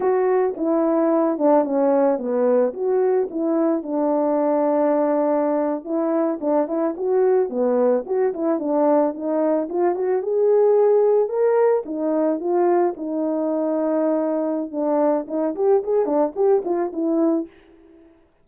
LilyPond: \new Staff \with { instrumentName = "horn" } { \time 4/4 \tempo 4 = 110 fis'4 e'4. d'8 cis'4 | b4 fis'4 e'4 d'4~ | d'2~ d'8. e'4 d'16~ | d'16 e'8 fis'4 b4 fis'8 e'8 d'16~ |
d'8. dis'4 f'8 fis'8 gis'4~ gis'16~ | gis'8. ais'4 dis'4 f'4 dis'16~ | dis'2. d'4 | dis'8 g'8 gis'8 d'8 g'8 f'8 e'4 | }